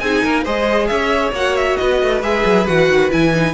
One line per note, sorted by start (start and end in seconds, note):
0.00 0.24 C4
0.00 0.46 D#4
0.00 0.25 G#4
0.00 0.44 G#5
0.25 0.46 A#3
0.25 0.44 A#4
0.44 0.90 G#3
0.44 1.34 G#4
0.44 0.89 C5
0.44 0.87 D#5
0.87 1.32 C#4
0.87 1.79 C#5
0.87 1.31 E5
1.32 1.77 A#3
1.32 2.23 F#4
1.32 1.57 F#5
1.57 1.77 E5
1.77 2.03 B3
1.77 3.54 B4
1.77 2.21 D#5
2.03 2.22 A3
2.22 2.44 G#3
2.22 2.67 G#4
2.22 2.67 E5
2.45 2.67 F#3
2.67 2.89 E3
2.67 3.11 F#4
2.67 3.11 F#5
2.89 3.11 D#3
3.11 3.54 E3
3.11 3.33 E4
3.11 3.54 G#5
3.34 3.54 D#4